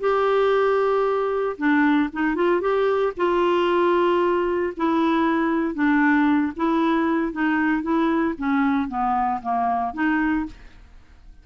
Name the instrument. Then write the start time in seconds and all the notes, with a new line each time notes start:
clarinet
0.00 G4
1.58 D4
2.13 D#4
2.35 F4
2.61 G4
3.17 F4
4.77 E4
5.74 D4
6.56 E4
7.33 D#4
7.82 E4
8.38 C#4
8.89 B3
9.42 A#3
9.94 D#4